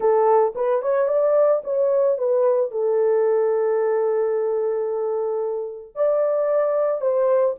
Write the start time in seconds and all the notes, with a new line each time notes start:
0.00 A4
0.55 B4
0.81 C#5
1.08 D5
1.63 C#5
2.17 B4
2.71 A4
5.95 D5
7.01 C5